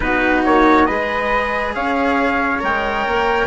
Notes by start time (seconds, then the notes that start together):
0.00 B3 D#4 F#4 B4
0.44 A#3 C#5
0.86 G#3 G#4 B4 D#5
1.74 C#4 C#5 F5
2.59 G#3 A#4 G5
3.07 A#3